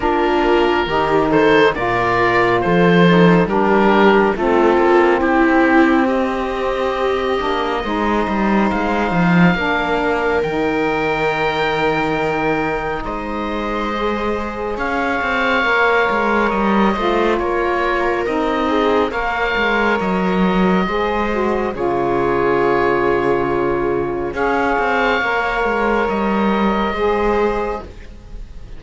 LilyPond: <<
  \new Staff \with { instrumentName = "oboe" } { \time 4/4 \tempo 4 = 69 ais'4. c''8 d''4 c''4 | ais'4 a'4 g'4 dis''4~ | dis''2 f''2 | g''2. dis''4~ |
dis''4 f''2 dis''4 | cis''4 dis''4 f''4 dis''4~ | dis''4 cis''2. | f''2 dis''2 | }
  \new Staff \with { instrumentName = "viola" } { \time 4/4 f'4 g'8 a'8 ais'4 a'4 | g'4 f'4 e'4 g'4~ | g'4 c''2 ais'4~ | ais'2. c''4~ |
c''4 cis''2~ cis''8 c''8 | ais'4. gis'8 cis''2 | c''4 gis'2. | cis''2. c''4 | }
  \new Staff \with { instrumentName = "saxophone" } { \time 4/4 d'4 dis'4 f'4. dis'8 | d'4 c'2.~ | c'8 d'8 dis'2 d'4 | dis'1 |
gis'2 ais'4. f'8~ | f'4 dis'4 ais'2 | gis'8 fis'8 f'2. | gis'4 ais'2 gis'4 | }
  \new Staff \with { instrumentName = "cello" } { \time 4/4 ais4 dis4 ais,4 f4 | g4 a8 ais8 c'2~ | c'8 ais8 gis8 g8 gis8 f8 ais4 | dis2. gis4~ |
gis4 cis'8 c'8 ais8 gis8 g8 a8 | ais4 c'4 ais8 gis8 fis4 | gis4 cis2. | cis'8 c'8 ais8 gis8 g4 gis4 | }
>>